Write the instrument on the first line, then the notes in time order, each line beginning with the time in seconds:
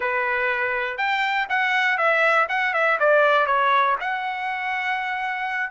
trumpet
0.00 B4
0.97 G5
1.49 F#5
1.97 E5
2.49 F#5
2.73 E5
2.99 D5
3.46 C#5
4.00 F#5